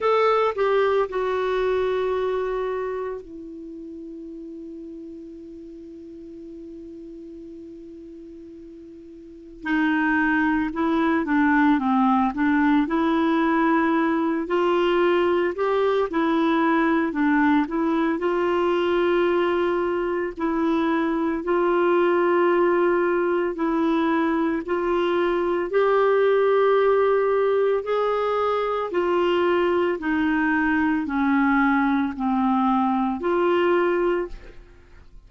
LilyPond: \new Staff \with { instrumentName = "clarinet" } { \time 4/4 \tempo 4 = 56 a'8 g'8 fis'2 e'4~ | e'1~ | e'4 dis'4 e'8 d'8 c'8 d'8 | e'4. f'4 g'8 e'4 |
d'8 e'8 f'2 e'4 | f'2 e'4 f'4 | g'2 gis'4 f'4 | dis'4 cis'4 c'4 f'4 | }